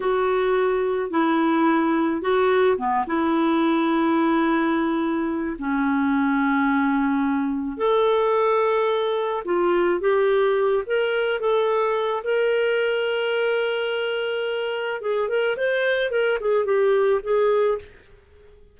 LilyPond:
\new Staff \with { instrumentName = "clarinet" } { \time 4/4 \tempo 4 = 108 fis'2 e'2 | fis'4 b8 e'2~ e'8~ | e'2 cis'2~ | cis'2 a'2~ |
a'4 f'4 g'4. ais'8~ | ais'8 a'4. ais'2~ | ais'2. gis'8 ais'8 | c''4 ais'8 gis'8 g'4 gis'4 | }